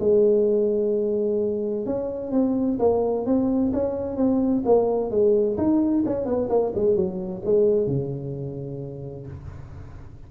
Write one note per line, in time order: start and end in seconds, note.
0.00 1.86 G#3
1.86 2.33 C#4
2.33 2.79 C4
2.80 3.26 A#3
3.26 3.73 C4
3.74 4.17 C#4
4.17 4.63 C4
4.66 5.11 A#3
5.11 5.58 G#3
5.58 6.04 D#4
6.06 6.26 C#4
6.26 6.49 B3
6.50 6.73 A#3
6.75 6.96 G#3
6.96 7.43 F#3
7.46 7.87 G#3
7.87 9.27 C#3